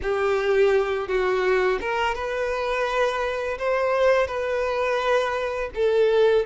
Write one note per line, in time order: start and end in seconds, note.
0.02 1.07 G4
1.07 1.79 F#4
1.81 2.15 A#4
2.15 3.57 B4
3.58 4.27 C5
4.27 5.69 B4
5.75 6.45 A4